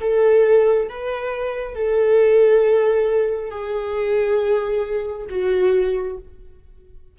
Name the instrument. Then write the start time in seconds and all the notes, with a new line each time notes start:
viola
0.00 A4
0.89 B4
1.74 A4
3.51 G#4
5.29 F#4